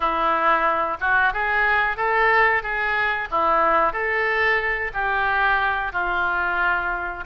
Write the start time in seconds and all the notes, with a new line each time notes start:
0.00 E4
1.00 F#4
1.33 G#4
1.96 A4
2.62 G#4
3.30 E4
3.92 A4
4.93 G4
5.92 F4